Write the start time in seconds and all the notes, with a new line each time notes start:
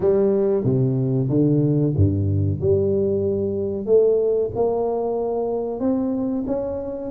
0.00 G3
0.64 C3
1.29 D3
1.95 G2
2.60 G3
3.86 A3
4.55 A#3
5.79 C4
6.46 C#4